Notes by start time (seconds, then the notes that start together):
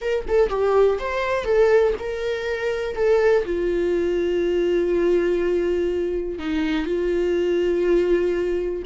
0.01 A#4
0.28 A4
0.49 G4
0.98 C5
1.44 A4
1.99 A#4
2.95 A4
3.45 F4
6.38 D#4
6.86 F4